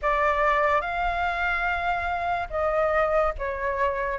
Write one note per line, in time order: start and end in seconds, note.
0.02 0.81 D5
0.81 2.48 F5
2.50 3.33 D#5
3.38 4.18 C#5